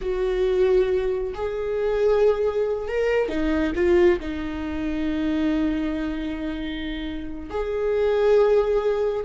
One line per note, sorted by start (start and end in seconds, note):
0.01 1.33 F#4
1.34 2.87 G#4
2.87 3.28 A#4
3.28 3.73 D#4
3.75 4.19 F4
4.20 7.50 D#4
7.50 9.24 G#4